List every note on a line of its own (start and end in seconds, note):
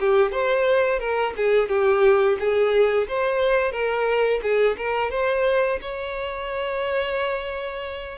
0.00 0.32 G4
0.32 0.99 C5
0.99 1.34 A#4
1.37 1.69 G#4
1.69 2.37 G4
2.39 3.07 G#4
3.08 3.72 C5
3.72 4.40 A#4
4.43 4.77 G#4
4.77 5.11 A#4
5.11 5.79 C5
5.81 8.18 C#5